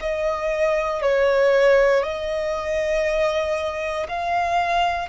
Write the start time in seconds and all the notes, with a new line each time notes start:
0.00 D#5
1.02 C#5
2.03 D#5
4.08 F5